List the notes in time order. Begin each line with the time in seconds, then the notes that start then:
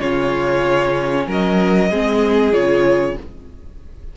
0.00 C#3 C#4 F4 C#5
1.27 F#3 A#4 D#5
1.90 G#3 C4 G#4
2.52 C#3 F4 C#5